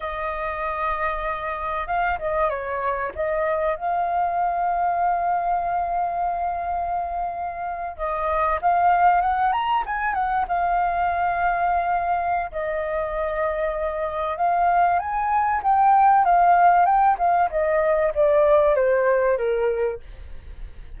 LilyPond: \new Staff \with { instrumentName = "flute" } { \time 4/4 \tempo 4 = 96 dis''2. f''8 dis''8 | cis''4 dis''4 f''2~ | f''1~ | f''8. dis''4 f''4 fis''8 ais''8 gis''16~ |
gis''16 fis''8 f''2.~ f''16 | dis''2. f''4 | gis''4 g''4 f''4 g''8 f''8 | dis''4 d''4 c''4 ais'4 | }